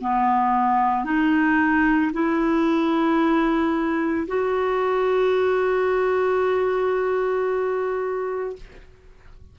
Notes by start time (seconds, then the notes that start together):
0.00 B3
1.04 D#4
2.13 E4
4.27 F#4